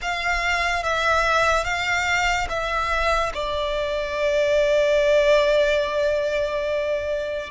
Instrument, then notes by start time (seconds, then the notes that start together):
violin
0.01 F5
0.83 E5
1.64 F5
2.49 E5
3.34 D5